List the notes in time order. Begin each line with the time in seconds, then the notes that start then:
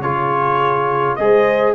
0.00 C#3 F4 G#4 C#5
1.15 G#3 G#4 D#5
1.21 C5